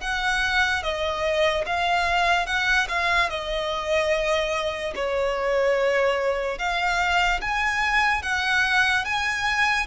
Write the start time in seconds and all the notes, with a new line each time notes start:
0.00 F#5
0.83 D#5
1.66 F5
2.46 F#5
2.88 F5
3.29 D#5
4.95 C#5
6.58 F5
7.41 G#5
8.22 F#5
9.04 G#5